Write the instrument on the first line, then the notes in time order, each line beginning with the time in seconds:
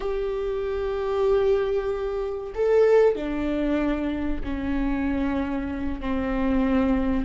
viola
0.00 G4
2.54 A4
3.16 D4
4.43 C#4
6.00 C4